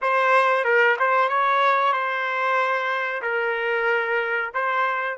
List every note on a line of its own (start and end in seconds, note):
0.01 0.64 C5
0.64 0.96 A#4
0.99 1.28 C5
1.28 1.92 C#5
1.92 3.21 C5
3.21 4.50 A#4
4.54 5.18 C5